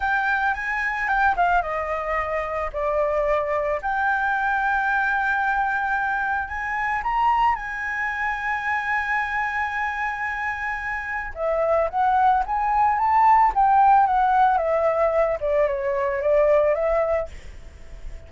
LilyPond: \new Staff \with { instrumentName = "flute" } { \time 4/4 \tempo 4 = 111 g''4 gis''4 g''8 f''8 dis''4~ | dis''4 d''2 g''4~ | g''1 | gis''4 ais''4 gis''2~ |
gis''1~ | gis''4 e''4 fis''4 gis''4 | a''4 g''4 fis''4 e''4~ | e''8 d''8 cis''4 d''4 e''4 | }